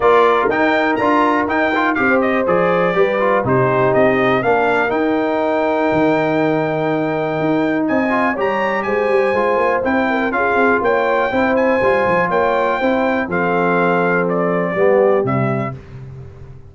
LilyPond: <<
  \new Staff \with { instrumentName = "trumpet" } { \time 4/4 \tempo 4 = 122 d''4 g''4 ais''4 g''4 | f''8 dis''8 d''2 c''4 | dis''4 f''4 g''2~ | g''1 |
gis''4 ais''4 gis''2 | g''4 f''4 g''4. gis''8~ | gis''4 g''2 f''4~ | f''4 d''2 e''4 | }
  \new Staff \with { instrumentName = "horn" } { \time 4/4 ais'1 | c''2 b'4 g'4~ | g'4 ais'2.~ | ais'1 |
dis''4 cis''4 c''2~ | c''8 ais'8 gis'4 cis''4 c''4~ | c''4 cis''4 c''4 a'4~ | a'2 g'2 | }
  \new Staff \with { instrumentName = "trombone" } { \time 4/4 f'4 dis'4 f'4 dis'8 f'8 | g'4 gis'4 g'8 f'8 dis'4~ | dis'4 d'4 dis'2~ | dis'1~ |
dis'8 f'8 g'2 f'4 | e'4 f'2 e'4 | f'2 e'4 c'4~ | c'2 b4 g4 | }
  \new Staff \with { instrumentName = "tuba" } { \time 4/4 ais4 dis'4 d'4 dis'4 | c'4 f4 g4 c4 | c'4 ais4 dis'2 | dis2. dis'4 |
c'4 g4 gis8 g8 gis8 ais8 | c'4 cis'8 c'8 ais4 c'4 | g8 f8 ais4 c'4 f4~ | f2 g4 c4 | }
>>